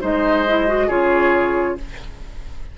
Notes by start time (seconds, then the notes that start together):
0.00 G#3 D#4 C5 D#5
0.47 E4
0.67 F#4
0.87 C#3 F4 G#4 C#5